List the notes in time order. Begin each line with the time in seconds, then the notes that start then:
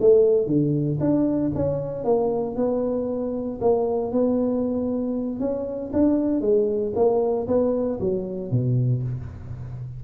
0.00 A3
0.46 D3
1.00 D4
1.55 C#4
2.04 A#3
2.56 B3
3.61 A#3
4.11 B3
5.40 C#4
5.93 D4
6.41 G#3
6.95 A#3
7.47 B3
8.00 F#3
8.51 B2